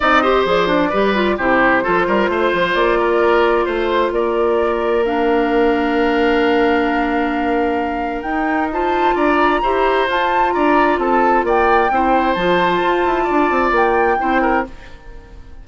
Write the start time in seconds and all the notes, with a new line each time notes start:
0.00 C4 D#4 D5 D#5
0.21 G4 C5
0.45 F3 G#4 D5
0.67 D4
0.89 G3 G4 B4
1.14 F4
1.37 C3 E4 G4 C5
1.83 F3 F4 A4
2.07 G3 A#4
2.28 A3 C5
2.53 F3
2.74 A#3 D5
2.98 A#4
3.65 A3 C5
4.10 A#3 A#4 D5
5.05 D4 F5
8.22 D#4 G5
8.72 F4 C5 A5
9.14 D4 D5 A#5
9.62 E4 G4 C5
10.07 F4 A5
10.51 D4 D5 A#5
10.98 C4 A4 A5
11.43 A#3 D5 G5
11.90 C4 E4 C5
12.33 F3 F4 A5
12.82 F4
13.04 E4
13.24 D5
13.30 D4
13.50 C4
13.71 A#3 G5
14.18 C4 E4 C5
14.41 A#4